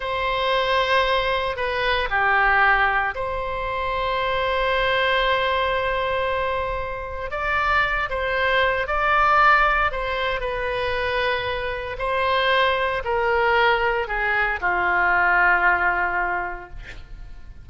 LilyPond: \new Staff \with { instrumentName = "oboe" } { \time 4/4 \tempo 4 = 115 c''2. b'4 | g'2 c''2~ | c''1~ | c''2 d''4. c''8~ |
c''4 d''2 c''4 | b'2. c''4~ | c''4 ais'2 gis'4 | f'1 | }